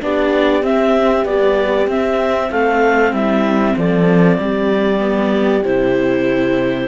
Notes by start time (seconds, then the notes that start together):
0.00 B3 D4 G4 D5
0.62 C4 E5
1.24 G3 B3 D5
1.87 C4 E5
2.50 A3 A4 F5
3.12 G3 E4 E5
3.76 F3 A4 D5
4.38 G3 G4
4.99 B3
5.63 C3 E4 C5